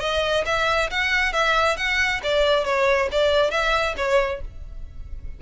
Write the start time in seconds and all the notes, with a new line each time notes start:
0.00 D#5
0.46 E5
0.90 F#5
1.33 E5
1.76 F#5
2.23 D5
2.65 C#5
3.11 D5
3.51 E5
3.97 C#5